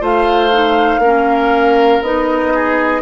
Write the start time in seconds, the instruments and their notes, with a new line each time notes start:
0.00 bassoon A3, clarinet F4, oboe C5, flute F5
0.51 clarinet D#4
0.98 bassoon A#3, oboe A#4
1.04 clarinet C#4
2.01 bassoon B3, clarinet D#4, flute D#5
2.54 oboe G#4